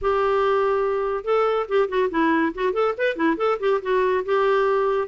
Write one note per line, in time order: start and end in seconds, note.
0.01 1.24 G4
1.24 1.66 A4
1.68 1.88 G4
1.88 2.09 F#4
2.10 2.52 E4
2.54 2.73 F#4
2.73 2.94 A4
2.97 3.15 B4
3.15 3.36 E4
3.37 3.58 A4
3.59 3.80 G4
3.82 4.24 F#4
4.25 5.08 G4